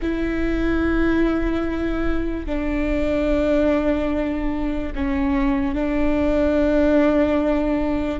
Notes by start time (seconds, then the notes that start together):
0.01 E4
2.46 D4
4.95 C#4
5.74 D4